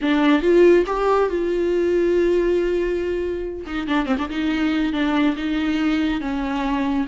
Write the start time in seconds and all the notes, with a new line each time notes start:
0.01 D4
0.42 F4
0.86 G4
1.29 F4
3.66 D#4
3.87 D4
4.05 C4
4.18 D4
4.29 D#4
4.92 D4
5.36 D#4
6.20 C#4